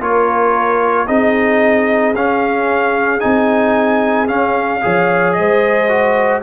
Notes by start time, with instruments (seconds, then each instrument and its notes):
0.00 tuba A#3, trombone F4, horn A#4, trumpet C#5
1.08 tuba C4, trombone D#4, horn G#4, trumpet D#5
2.15 tuba C#4, trombone C#4, trumpet F5
3.20 tuba C4, trombone D#4, trumpet G#5
4.28 trombone C#4, tuba C#4, trumpet F5
4.82 tuba F3, trombone G#4, horn C#5
5.33 tuba G#3, trumpet D#5
5.39 horn C5
5.89 trombone F#4